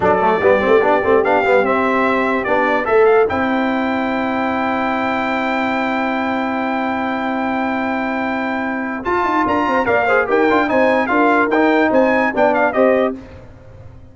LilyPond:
<<
  \new Staff \with { instrumentName = "trumpet" } { \time 4/4 \tempo 4 = 146 d''2. f''4 | e''2 d''4 e''8 f''8 | g''1~ | g''1~ |
g''1~ | g''2 a''4 ais''4 | f''4 g''4 gis''4 f''4 | g''4 gis''4 g''8 f''8 dis''4 | }
  \new Staff \with { instrumentName = "horn" } { \time 4/4 a'4 g'2.~ | g'2. c''4~ | c''1~ | c''1~ |
c''1~ | c''2. ais'8 c''8 | d''8 c''8 ais'4 c''4 ais'4~ | ais'4 c''4 d''4 c''4 | }
  \new Staff \with { instrumentName = "trombone" } { \time 4/4 d'8 a8 b8 c'8 d'8 c'8 d'8 b8 | c'2 d'4 a'4 | e'1~ | e'1~ |
e'1~ | e'2 f'2 | ais'8 gis'8 g'8 f'8 dis'4 f'4 | dis'2 d'4 g'4 | }
  \new Staff \with { instrumentName = "tuba" } { \time 4/4 fis4 g8 a8 b8 a8 b8 g8 | c'2 b4 a4 | c'1~ | c'1~ |
c'1~ | c'2 f'8 dis'8 d'8 c'8 | ais4 dis'8 d'8 c'4 d'4 | dis'4 c'4 b4 c'4 | }
>>